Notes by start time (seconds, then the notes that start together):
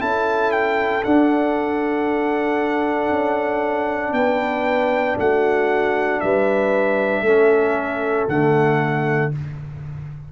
0.00 C#4 E4 A4 A5
0.52 G5
1.04 D4 F#5
3.10 C#4
4.12 B3 B4 G5
5.18 A3 F#4 F#5
6.20 G3 B4 E5
7.22 A3 C#4 A4
8.29 D3 A3 F#5